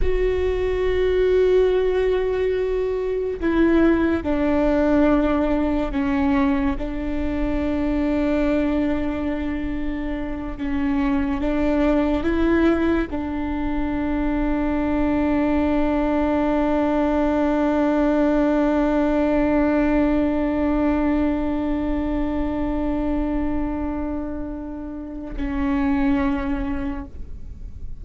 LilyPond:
\new Staff \with { instrumentName = "viola" } { \time 4/4 \tempo 4 = 71 fis'1 | e'4 d'2 cis'4 | d'1~ | d'8 cis'4 d'4 e'4 d'8~ |
d'1~ | d'1~ | d'1~ | d'2 cis'2 | }